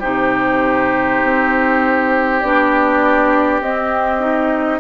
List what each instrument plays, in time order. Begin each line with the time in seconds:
0.00 bassoon C3, clarinet D#4, oboe G4, flute C5
1.23 bassoon C4
2.41 bassoon B3, clarinet D4, flute D5
3.62 bassoon C4, clarinet C4, flute D#5
4.21 clarinet D#4